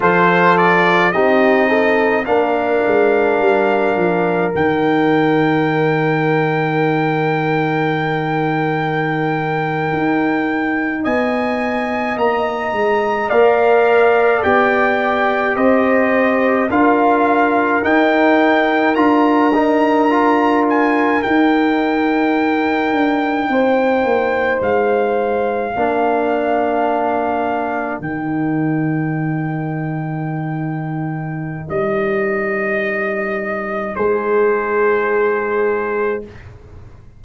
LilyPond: <<
  \new Staff \with { instrumentName = "trumpet" } { \time 4/4 \tempo 4 = 53 c''8 d''8 dis''4 f''2 | g''1~ | g''4.~ g''16 gis''4 ais''4 f''16~ | f''8. g''4 dis''4 f''4 g''16~ |
g''8. ais''4. gis''8 g''4~ g''16~ | g''4.~ g''16 f''2~ f''16~ | f''8. g''2.~ g''16 | dis''2 c''2 | }
  \new Staff \with { instrumentName = "horn" } { \time 4/4 a'4 g'8 a'8 ais'2~ | ais'1~ | ais'4.~ ais'16 dis''2 d''16~ | d''4.~ d''16 c''4 ais'4~ ais'16~ |
ais'1~ | ais'8. c''2 ais'4~ ais'16~ | ais'1~ | ais'2 gis'2 | }
  \new Staff \with { instrumentName = "trombone" } { \time 4/4 f'4 dis'4 d'2 | dis'1~ | dis'2.~ dis'8. ais'16~ | ais'8. g'2 f'4 dis'16~ |
dis'8. f'8 dis'8 f'4 dis'4~ dis'16~ | dis'2~ dis'8. d'4~ d'16~ | d'8. dis'2.~ dis'16~ | dis'1 | }
  \new Staff \with { instrumentName = "tuba" } { \time 4/4 f4 c'4 ais8 gis8 g8 f8 | dis1~ | dis8. dis'4 b4 ais8 gis8 ais16~ | ais8. b4 c'4 d'4 dis'16~ |
dis'8. d'2 dis'4~ dis'16~ | dis'16 d'8 c'8 ais8 gis4 ais4~ ais16~ | ais8. dis2.~ dis16 | g2 gis2 | }
>>